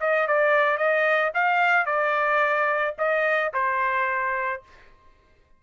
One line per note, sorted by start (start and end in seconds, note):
0.00 0.27 D#5
0.27 0.78 D5
0.78 1.32 D#5
1.34 1.86 F5
1.86 2.95 D5
2.98 3.53 D#5
3.54 4.63 C5